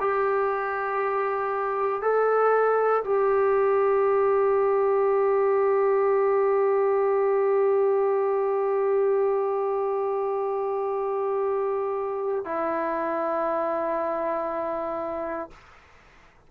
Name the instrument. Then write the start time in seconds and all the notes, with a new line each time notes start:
trombone
0.00 G4
2.02 A4
3.04 G4
12.45 E4